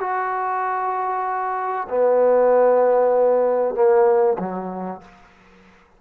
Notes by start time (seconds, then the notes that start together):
0.00 F#4
1.89 B3
3.75 A#3
4.39 F#3